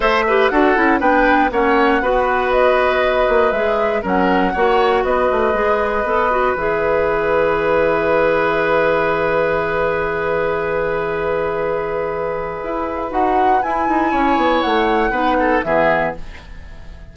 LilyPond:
<<
  \new Staff \with { instrumentName = "flute" } { \time 4/4 \tempo 4 = 119 e''4 fis''4 g''4 fis''4~ | fis''4 dis''2 e''4 | fis''2 dis''2~ | dis''4 e''2.~ |
e''1~ | e''1~ | e''2 fis''4 gis''4~ | gis''4 fis''2 e''4 | }
  \new Staff \with { instrumentName = "oboe" } { \time 4/4 c''8 b'8 a'4 b'4 cis''4 | b'1 | ais'4 cis''4 b'2~ | b'1~ |
b'1~ | b'1~ | b'1 | cis''2 b'8 a'8 gis'4 | }
  \new Staff \with { instrumentName = "clarinet" } { \time 4/4 a'8 g'8 fis'8 e'8 d'4 cis'4 | fis'2. gis'4 | cis'4 fis'2 gis'4 | a'8 fis'8 gis'2.~ |
gis'1~ | gis'1~ | gis'2 fis'4 e'4~ | e'2 dis'4 b4 | }
  \new Staff \with { instrumentName = "bassoon" } { \time 4/4 a4 d'8 cis'8 b4 ais4 | b2~ b8 ais8 gis4 | fis4 ais4 b8 a8 gis4 | b4 e2.~ |
e1~ | e1~ | e4 e'4 dis'4 e'8 dis'8 | cis'8 b8 a4 b4 e4 | }
>>